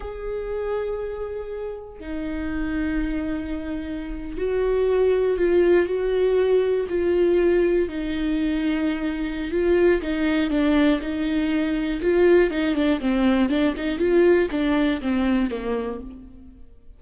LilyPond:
\new Staff \with { instrumentName = "viola" } { \time 4/4 \tempo 4 = 120 gis'1 | dis'1~ | dis'8. fis'2 f'4 fis'16~ | fis'4.~ fis'16 f'2 dis'16~ |
dis'2. f'4 | dis'4 d'4 dis'2 | f'4 dis'8 d'8 c'4 d'8 dis'8 | f'4 d'4 c'4 ais4 | }